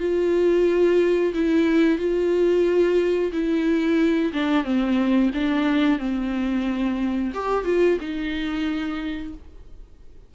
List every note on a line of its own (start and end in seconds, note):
0.00 1.33 F4
1.34 1.99 E4
1.99 3.32 F4
3.33 4.33 E4
4.33 4.64 D4
4.64 5.31 C4
5.34 5.99 D4
5.99 7.32 C4
7.34 7.65 G4
7.65 7.98 F4
8.01 9.34 D#4